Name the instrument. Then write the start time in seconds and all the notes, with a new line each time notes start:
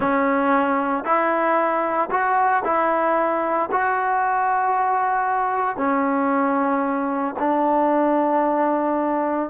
trombone
0.00 C#4
1.04 E4
2.10 F#4
2.64 E4
3.71 F#4
5.77 C#4
7.39 D4